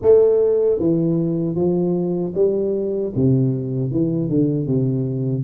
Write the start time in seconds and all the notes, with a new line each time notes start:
0.02 A3
0.79 E3
1.55 F3
2.34 G3
3.15 C3
3.91 E3
4.28 D3
4.66 C3